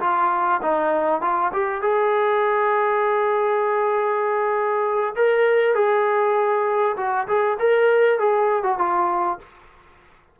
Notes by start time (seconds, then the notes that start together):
0.00 F4
0.62 D#4
1.21 F4
1.53 G4
1.81 G#4
5.15 A#4
5.75 G#4
6.97 F#4
7.27 G#4
7.59 A#4
8.19 G#4
8.63 F#4
8.78 F4